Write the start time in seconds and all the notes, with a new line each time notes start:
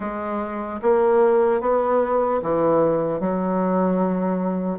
0.00 G#3
0.82 A#3
1.60 B3
2.42 E3
3.20 F#3